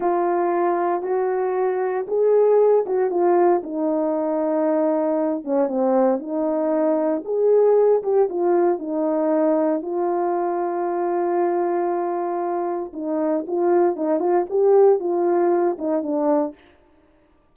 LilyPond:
\new Staff \with { instrumentName = "horn" } { \time 4/4 \tempo 4 = 116 f'2 fis'2 | gis'4. fis'8 f'4 dis'4~ | dis'2~ dis'8 cis'8 c'4 | dis'2 gis'4. g'8 |
f'4 dis'2 f'4~ | f'1~ | f'4 dis'4 f'4 dis'8 f'8 | g'4 f'4. dis'8 d'4 | }